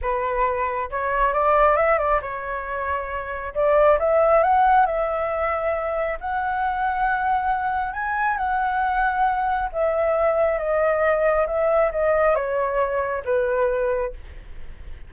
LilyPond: \new Staff \with { instrumentName = "flute" } { \time 4/4 \tempo 4 = 136 b'2 cis''4 d''4 | e''8 d''8 cis''2. | d''4 e''4 fis''4 e''4~ | e''2 fis''2~ |
fis''2 gis''4 fis''4~ | fis''2 e''2 | dis''2 e''4 dis''4 | cis''2 b'2 | }